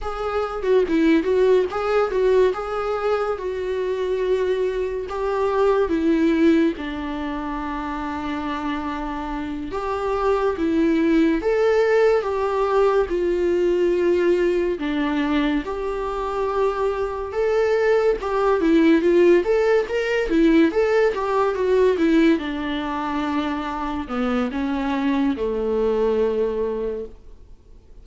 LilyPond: \new Staff \with { instrumentName = "viola" } { \time 4/4 \tempo 4 = 71 gis'8. fis'16 e'8 fis'8 gis'8 fis'8 gis'4 | fis'2 g'4 e'4 | d'2.~ d'8 g'8~ | g'8 e'4 a'4 g'4 f'8~ |
f'4. d'4 g'4.~ | g'8 a'4 g'8 e'8 f'8 a'8 ais'8 | e'8 a'8 g'8 fis'8 e'8 d'4.~ | d'8 b8 cis'4 a2 | }